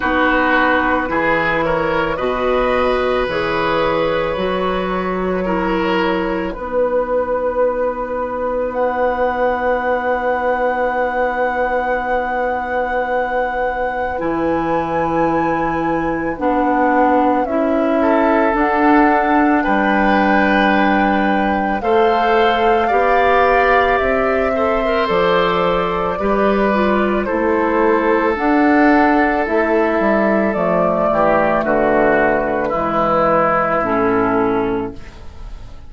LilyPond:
<<
  \new Staff \with { instrumentName = "flute" } { \time 4/4 \tempo 4 = 55 b'4. cis''8 dis''4 cis''4~ | cis''2 b'2 | fis''1~ | fis''4 gis''2 fis''4 |
e''4 fis''4 g''2 | f''2 e''4 d''4~ | d''4 c''4 fis''4 e''4 | d''4 b'2 a'4 | }
  \new Staff \with { instrumentName = "oboe" } { \time 4/4 fis'4 gis'8 ais'8 b'2~ | b'4 ais'4 b'2~ | b'1~ | b'1~ |
b'8 a'4. b'2 | c''4 d''4. c''4. | b'4 a'2.~ | a'8 g'8 fis'4 e'2 | }
  \new Staff \with { instrumentName = "clarinet" } { \time 4/4 dis'4 e'4 fis'4 gis'4 | fis'4 e'4 dis'2~ | dis'1~ | dis'4 e'2 d'4 |
e'4 d'2. | a'4 g'4. a'16 ais'16 a'4 | g'8 f'8 e'4 d'4 e'4 | a2 gis4 cis'4 | }
  \new Staff \with { instrumentName = "bassoon" } { \time 4/4 b4 e4 b,4 e4 | fis2 b2~ | b1~ | b4 e2 b4 |
cis'4 d'4 g2 | a4 b4 c'4 f4 | g4 a4 d'4 a8 g8 | f8 e8 d4 e4 a,4 | }
>>